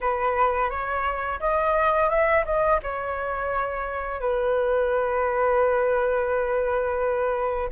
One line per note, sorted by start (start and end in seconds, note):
0.01 0.69 B4
0.69 1.39 C#5
1.40 2.09 D#5
2.09 2.44 E5
2.45 2.79 D#5
2.82 4.20 C#5
4.20 7.69 B4